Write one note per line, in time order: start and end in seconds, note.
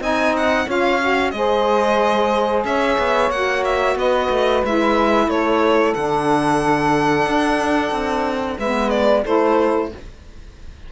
0.00 0.66 C4
0.00 0.67 D#4
0.00 0.65 D#5
0.00 0.36 G#5
0.37 0.70 F#5
0.65 1.33 C#4
0.65 1.00 F4
0.65 1.31 C#5
0.65 1.31 F5
1.00 1.33 F#4
1.31 2.64 G#3
1.31 3.31 G#4
1.31 2.63 D#5
1.37 2.66 C5
2.64 2.97 C#4
2.64 3.95 C#5
2.64 3.31 E5
2.98 3.30 B3
3.30 3.96 A#3
3.30 4.65 F#4
3.30 3.64 F#5
3.64 3.97 E5
3.95 4.29 B3
3.95 5.27 B4
3.95 4.65 D#5
4.30 4.63 A3
4.64 5.28 G#3
4.64 5.96 E4
4.64 5.30 E5
5.28 5.94 A3
5.28 8.58 A4
5.28 5.94 C#5
5.94 7.26 D3
5.94 8.60 D4
5.94 8.58 F#5
7.26 7.91 D4
7.91 8.57 C4
8.58 9.24 G#3
8.58 9.25 B3
8.58 9.23 B4
8.58 8.90 E5
8.90 9.23 D5
9.23 9.92 A3
9.23 9.91 E4
9.23 9.89 A4
9.23 9.92 C5